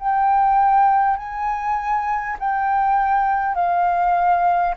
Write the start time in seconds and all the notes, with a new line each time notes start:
0.00 G5
1.17 G#5
2.40 G5
3.55 F5